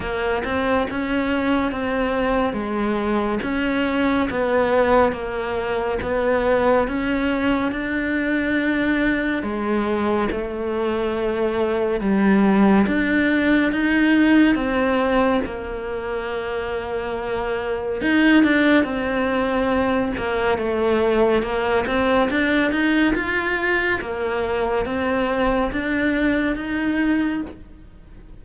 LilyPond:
\new Staff \with { instrumentName = "cello" } { \time 4/4 \tempo 4 = 70 ais8 c'8 cis'4 c'4 gis4 | cis'4 b4 ais4 b4 | cis'4 d'2 gis4 | a2 g4 d'4 |
dis'4 c'4 ais2~ | ais4 dis'8 d'8 c'4. ais8 | a4 ais8 c'8 d'8 dis'8 f'4 | ais4 c'4 d'4 dis'4 | }